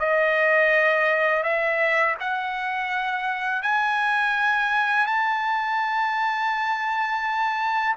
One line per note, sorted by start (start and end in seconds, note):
0.00 1.43 D#5
1.43 2.16 E5
2.20 3.63 F#5
3.63 5.07 G#5
5.07 7.96 A5